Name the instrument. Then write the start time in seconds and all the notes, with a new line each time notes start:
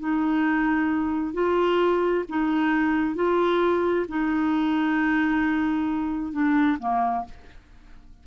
clarinet
0.00 D#4
1.34 F4
2.29 D#4
3.15 F4
4.09 D#4
6.33 D4
6.80 A#3